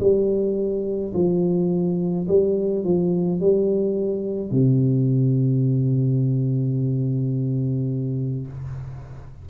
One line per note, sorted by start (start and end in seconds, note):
0.00 1.13 G3
1.14 2.27 F3
2.28 2.84 G3
2.84 3.40 F3
3.40 4.51 G3
4.51 8.48 C3